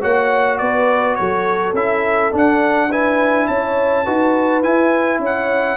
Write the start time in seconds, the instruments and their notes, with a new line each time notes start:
0.00 tuba A#3, trombone F#4, horn C#5, trumpet F#5
0.58 tuba B3, horn B4, trumpet D5
1.15 tuba F#3, horn A4, trumpet C#5
1.73 tuba C#4, trombone E4, trumpet E5
2.32 trombone D4, tuba D4, trumpet F#5
2.89 trombone E4, horn B4, trumpet G#5
3.47 tuba C#4, horn C#5, trumpet A5
4.04 tuba D#4, trombone F#4, horn B4
4.62 tuba E4, trombone E4, trumpet G#5
5.19 tuba C#4, horn C#5
5.25 trumpet F#5